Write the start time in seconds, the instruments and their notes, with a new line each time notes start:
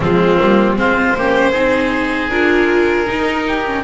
0.00 double bass F3, viola G#3, oboe C4, violin F4
0.39 double bass G3, viola A#3
0.75 double bass G#3, viola C4, oboe F4, violin C5
1.15 double bass A#3, viola C#4, oboe G4
1.51 double bass C4, viola D#4, oboe G#4
2.29 double bass D4, viola F4, violin A#4
3.06 viola D#4, double bass D#4
3.47 oboe G4
3.65 viola C#4